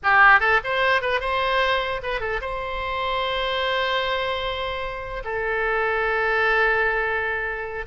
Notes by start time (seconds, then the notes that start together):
0.03 G4
0.40 A4
0.64 C5
1.01 B4
1.20 C5
2.03 B4
2.20 A4
2.41 C5
5.24 A4